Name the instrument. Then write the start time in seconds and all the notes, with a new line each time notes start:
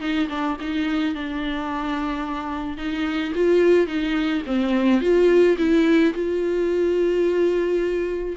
viola
0.00 D#4
0.29 D4
0.60 D#4
1.15 D4
2.78 D#4
3.35 F4
3.87 D#4
4.47 C4
5.01 F4
5.58 E4
6.14 F4